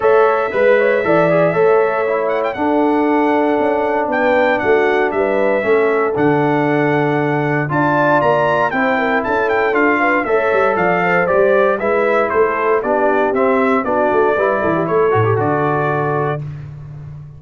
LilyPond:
<<
  \new Staff \with { instrumentName = "trumpet" } { \time 4/4 \tempo 4 = 117 e''1~ | e''8 fis''16 g''16 fis''2. | g''4 fis''4 e''2 | fis''2. a''4 |
ais''4 g''4 a''8 g''8 f''4 | e''4 f''4 d''4 e''4 | c''4 d''4 e''4 d''4~ | d''4 cis''4 d''2 | }
  \new Staff \with { instrumentName = "horn" } { \time 4/4 cis''4 b'8 cis''8 d''4 cis''4~ | cis''4 a'2. | b'4 fis'4 b'4 a'4~ | a'2. d''4~ |
d''4 c''8 ais'8 a'4. b'8 | cis''4 d''8 c''4. b'4 | a'4 g'2 fis'4 | b'8 a'16 g'16 a'2. | }
  \new Staff \with { instrumentName = "trombone" } { \time 4/4 a'4 b'4 a'8 gis'8 a'4 | e'4 d'2.~ | d'2. cis'4 | d'2. f'4~ |
f'4 e'2 f'4 | a'2 g'4 e'4~ | e'4 d'4 c'4 d'4 | e'4. fis'16 g'16 fis'2 | }
  \new Staff \with { instrumentName = "tuba" } { \time 4/4 a4 gis4 e4 a4~ | a4 d'2 cis'4 | b4 a4 g4 a4 | d2. d'4 |
ais4 c'4 cis'4 d'4 | a8 g8 f4 g4 gis4 | a4 b4 c'4 b8 a8 | g8 e8 a8 a,8 d2 | }
>>